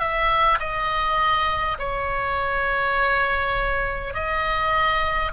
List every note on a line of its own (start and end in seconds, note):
0.00 0.59 E5
0.60 1.78 D#5
1.79 4.14 C#5
4.14 5.32 D#5